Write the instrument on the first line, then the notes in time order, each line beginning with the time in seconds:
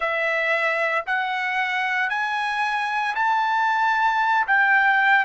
trumpet
0.00 E5
1.06 F#5
2.09 G#5
3.15 A5
4.47 G5